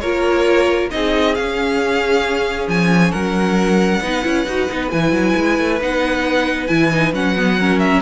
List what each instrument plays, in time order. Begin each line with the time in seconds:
0.00 cello A#3, viola F4, violin A#4 C#5
0.90 cello C4, viola D#4, violin G#4 D#5
1.35 viola C#4, cello C#4, violin F5
2.68 cello F3, violin G#5
3.11 cello F#3, violin A#4 F#5
4.01 cello B3, viola D#4, violin B4
4.23 cello C#4, viola E4
4.46 cello D#4, viola F#4
4.68 cello B3, viola D#4
4.90 cello E3, viola E4, violin G#5
5.12 cello F#3
5.36 cello G#3
5.59 cello A3
5.81 cello B3, viola D#4, violin F#5
6.67 cello E3, viola E4, violin G#5
6.92 viola D#4
7.13 cello F#3, viola C#4, violin F#5
7.37 viola B3
7.59 viola C#4, violin A#4
7.79 violin E5